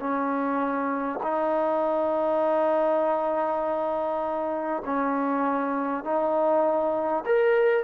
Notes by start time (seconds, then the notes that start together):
0.00 C#4
1.23 D#4
4.85 C#4
6.04 D#4
7.26 A#4